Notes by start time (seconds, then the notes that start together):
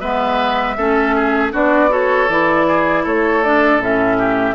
0.00 G#3 B3 B4 E5
0.77 A3 C#4 A4
1.16 G#4
1.52 B3 D4 F#4 D5
1.89 F#4 A4 C#5
2.29 E3 E4 D5
2.68 G#4
3.03 A3 A4 C#5
3.44 D4 D5
3.78 A2 C#4 E5
4.18 G4